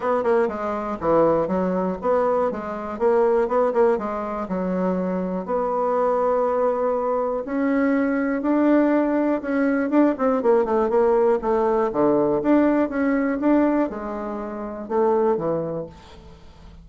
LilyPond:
\new Staff \with { instrumentName = "bassoon" } { \time 4/4 \tempo 4 = 121 b8 ais8 gis4 e4 fis4 | b4 gis4 ais4 b8 ais8 | gis4 fis2 b4~ | b2. cis'4~ |
cis'4 d'2 cis'4 | d'8 c'8 ais8 a8 ais4 a4 | d4 d'4 cis'4 d'4 | gis2 a4 e4 | }